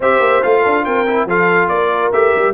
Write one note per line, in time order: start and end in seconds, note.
0.00 0.19 C4
0.00 0.42 G4
0.00 0.61 C5
0.00 0.43 E5
0.19 0.41 A#3
0.42 0.65 A3
0.42 1.06 F4
0.42 0.85 F5
0.61 0.86 D4
0.61 0.82 A4
0.85 1.25 C4
0.85 1.27 A#4
0.85 1.27 G5
1.07 1.28 E4
1.25 1.68 F3
1.25 2.13 F4
1.25 1.70 A4
1.25 1.68 F5
1.68 2.11 A#3
1.68 2.53 A#4
1.68 2.11 D5
2.12 2.33 A3
2.12 2.53 G4
2.12 2.53 E5
2.35 2.53 G3